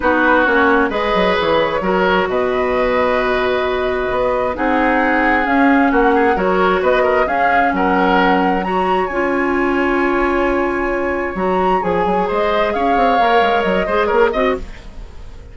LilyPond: <<
  \new Staff \with { instrumentName = "flute" } { \time 4/4 \tempo 4 = 132 b'4 cis''4 dis''4 cis''4~ | cis''4 dis''2.~ | dis''2 fis''2 | f''4 fis''4 cis''4 dis''4 |
f''4 fis''2 ais''4 | gis''1~ | gis''4 ais''4 gis''4 dis''4 | f''2 dis''4 cis''8 dis''8 | }
  \new Staff \with { instrumentName = "oboe" } { \time 4/4 fis'2 b'2 | ais'4 b'2.~ | b'2 gis'2~ | gis'4 fis'8 gis'8 ais'4 b'8 ais'8 |
gis'4 ais'2 cis''4~ | cis''1~ | cis''2. c''4 | cis''2~ cis''8 c''8 ais'8 dis''8 | }
  \new Staff \with { instrumentName = "clarinet" } { \time 4/4 dis'4 cis'4 gis'2 | fis'1~ | fis'2 dis'2 | cis'2 fis'2 |
cis'2. fis'4 | f'1~ | f'4 fis'4 gis'2~ | gis'4 ais'4. gis'4 fis'8 | }
  \new Staff \with { instrumentName = "bassoon" } { \time 4/4 b4 ais4 gis8 fis8 e4 | fis4 b,2.~ | b,4 b4 c'2 | cis'4 ais4 fis4 b4 |
cis'4 fis2. | cis'1~ | cis'4 fis4 f8 fis8 gis4 | cis'8 c'8 ais8 gis8 fis8 gis8 ais8 c'8 | }
>>